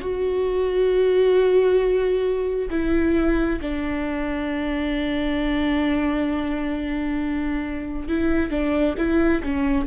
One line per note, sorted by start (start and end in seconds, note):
0.00 2.69 F#4
2.70 3.59 E4
3.61 8.08 D4
8.08 8.50 E4
8.50 8.95 D4
8.98 9.42 E4
9.43 9.86 C#4